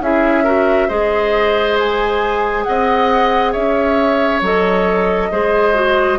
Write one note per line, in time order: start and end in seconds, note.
0.00 0.88 C#4
0.00 0.44 E4
0.00 0.44 G#4
0.00 0.89 E5
0.44 0.88 F#4
0.44 0.88 A#4
0.88 2.66 G#3
0.88 4.42 G#4
0.88 2.64 C5
0.88 1.77 D#5
1.79 2.64 G#5
2.64 3.55 C4
2.64 3.52 D#5
2.64 3.52 F#5
3.52 4.41 C#4
3.52 5.28 C#5
3.52 4.41 E5
4.41 5.29 F#3
4.41 5.31 A4
4.41 6.19 D#5
5.31 6.19 G#3
5.31 5.74 G#4
5.31 6.19 C5
5.74 6.18 F#4